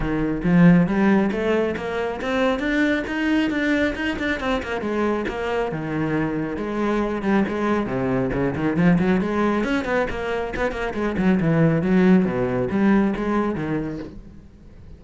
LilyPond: \new Staff \with { instrumentName = "cello" } { \time 4/4 \tempo 4 = 137 dis4 f4 g4 a4 | ais4 c'4 d'4 dis'4 | d'4 dis'8 d'8 c'8 ais8 gis4 | ais4 dis2 gis4~ |
gis8 g8 gis4 c4 cis8 dis8 | f8 fis8 gis4 cis'8 b8 ais4 | b8 ais8 gis8 fis8 e4 fis4 | b,4 g4 gis4 dis4 | }